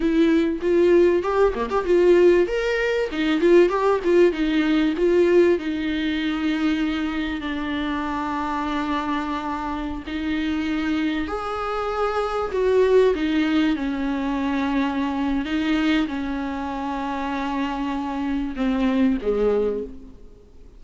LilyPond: \new Staff \with { instrumentName = "viola" } { \time 4/4 \tempo 4 = 97 e'4 f'4 g'8 ais16 g'16 f'4 | ais'4 dis'8 f'8 g'8 f'8 dis'4 | f'4 dis'2. | d'1~ |
d'16 dis'2 gis'4.~ gis'16~ | gis'16 fis'4 dis'4 cis'4.~ cis'16~ | cis'4 dis'4 cis'2~ | cis'2 c'4 gis4 | }